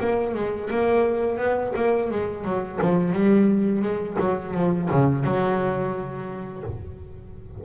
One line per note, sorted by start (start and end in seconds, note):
0.00 0.35 A#3
0.35 0.69 G#3
0.70 1.38 A#3
1.38 1.73 B3
1.76 2.11 A#3
2.11 2.45 G#3
2.45 2.79 F#3
2.82 3.13 F3
3.13 3.82 G3
3.82 4.17 G#3
4.19 4.54 F#3
4.54 4.89 F3
4.91 5.24 C#3
5.24 6.63 F#3